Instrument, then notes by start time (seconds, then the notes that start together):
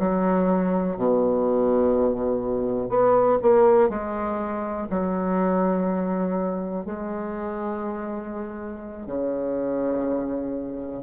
bassoon
0.00 F#3
0.97 B2
2.90 B3
3.42 A#3
3.90 G#3
4.90 F#3
6.86 G#3
9.07 C#3